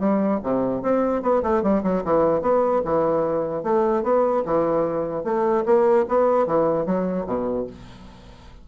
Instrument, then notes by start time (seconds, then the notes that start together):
bassoon
0.00 G3
0.43 C3
0.83 C4
1.22 B3
1.43 A3
1.63 G3
1.83 F#3
2.04 E3
2.42 B3
2.85 E3
3.64 A3
4.03 B3
4.46 E3
5.24 A3
5.66 A#3
6.09 B3
6.47 E3
6.86 F#3
7.27 B2